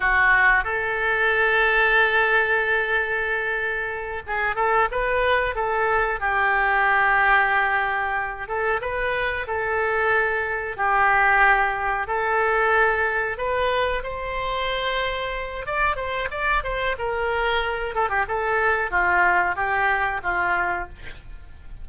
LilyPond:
\new Staff \with { instrumentName = "oboe" } { \time 4/4 \tempo 4 = 92 fis'4 a'2.~ | a'2~ a'8 gis'8 a'8 b'8~ | b'8 a'4 g'2~ g'8~ | g'4 a'8 b'4 a'4.~ |
a'8 g'2 a'4.~ | a'8 b'4 c''2~ c''8 | d''8 c''8 d''8 c''8 ais'4. a'16 g'16 | a'4 f'4 g'4 f'4 | }